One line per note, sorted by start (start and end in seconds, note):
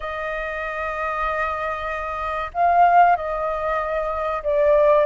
0.00 2.51 D#5
2.53 3.16 F5
3.16 4.42 D#5
4.43 5.05 D5